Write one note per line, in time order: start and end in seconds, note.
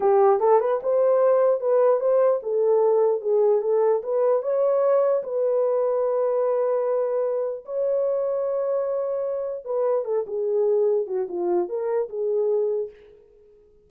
0.00 0.39 G4
0.39 0.59 A4
0.60 0.80 B4
0.83 1.60 C5
1.60 2.00 B4
2.00 2.40 C5
2.43 3.21 A4
3.21 3.61 G#4
3.61 4.01 A4
4.03 4.42 B4
4.42 5.22 C#5
5.23 7.64 B4
7.65 9.64 C#5
9.64 10.05 B4
10.05 10.25 A4
10.26 11.06 G#4
11.06 11.27 F#4
11.28 11.68 F4
11.68 12.08 A#4
12.09 12.89 G#4